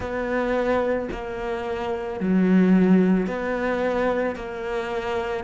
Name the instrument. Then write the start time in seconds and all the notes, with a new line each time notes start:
cello
0.00 B3
1.11 A#3
2.20 F#3
3.26 B3
4.35 A#3